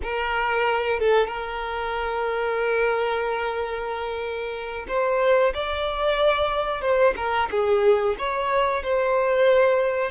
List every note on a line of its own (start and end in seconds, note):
0.02 0.99 A#4
0.99 1.27 A4
1.27 4.86 A#4
4.88 5.53 C5
5.53 6.81 D5
6.81 7.14 C5
7.16 7.49 A#4
7.50 8.16 G#4
8.18 8.83 C#5
8.83 10.11 C5